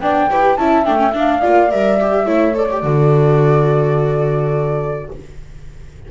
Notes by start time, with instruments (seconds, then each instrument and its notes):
0.00 double bass B3, viola D4, horn D5, flute G5
0.30 double bass E4, viola G4, horn B4
0.56 double bass C#4, viola E4, horn E5, flute A5
0.85 double bass A3, viola D4, flute G5
0.97 viola C#4
1.14 viola D4, double bass D4, flute F5
1.41 double bass A#3, viola F4, horn D5
1.71 double bass G3, viola A#4, flute E5
2.00 viola G4
2.25 double bass A3, viola E4, horn C#5
2.55 viola A4, flute D5
2.71 viola G4
2.83 double bass D3, viola F#4, horn A4